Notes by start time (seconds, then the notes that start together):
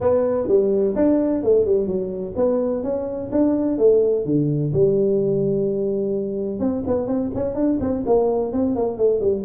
0.00 B3
0.47 G3
0.95 D4
1.43 A3
1.65 G3
1.87 F#3
2.35 B3
2.83 C#4
3.31 D4
3.78 A3
4.25 D3
4.73 G3
6.59 C4
6.86 B3
7.07 C4
7.34 C#4
7.54 D4
7.80 C4
8.06 A#3
8.52 C4
8.75 A#3
8.97 A3
9.20 G3